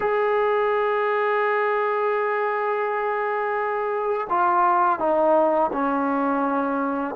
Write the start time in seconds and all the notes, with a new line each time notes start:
0.00 G#4
4.29 F4
4.99 D#4
5.72 C#4